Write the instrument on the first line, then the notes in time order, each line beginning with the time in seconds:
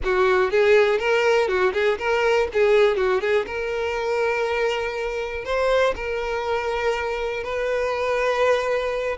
violin
0.04 F#4
0.50 G#4
0.98 A#4
1.47 F#4
1.73 G#4
1.98 A#4
2.53 G#4
2.96 F#4
3.21 G#4
3.46 A#4
5.45 C5
5.95 A#4
7.43 B4